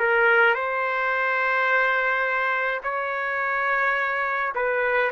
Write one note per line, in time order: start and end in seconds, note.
0.00 0.55 A#4
0.55 2.81 C5
2.84 4.53 C#5
4.55 5.12 B4